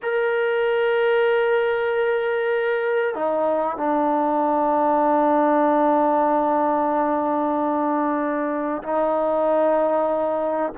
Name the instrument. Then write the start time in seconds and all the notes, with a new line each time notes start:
trombone
0.02 A#4
3.14 D#4
3.77 D4
8.82 D#4